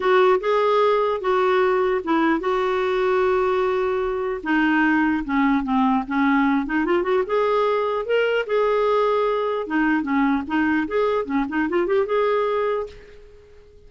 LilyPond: \new Staff \with { instrumentName = "clarinet" } { \time 4/4 \tempo 4 = 149 fis'4 gis'2 fis'4~ | fis'4 e'4 fis'2~ | fis'2. dis'4~ | dis'4 cis'4 c'4 cis'4~ |
cis'8 dis'8 f'8 fis'8 gis'2 | ais'4 gis'2. | dis'4 cis'4 dis'4 gis'4 | cis'8 dis'8 f'8 g'8 gis'2 | }